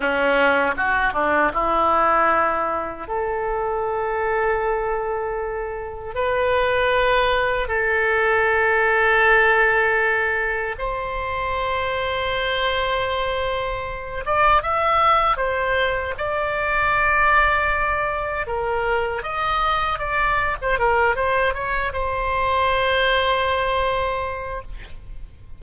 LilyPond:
\new Staff \with { instrumentName = "oboe" } { \time 4/4 \tempo 4 = 78 cis'4 fis'8 d'8 e'2 | a'1 | b'2 a'2~ | a'2 c''2~ |
c''2~ c''8 d''8 e''4 | c''4 d''2. | ais'4 dis''4 d''8. c''16 ais'8 c''8 | cis''8 c''2.~ c''8 | }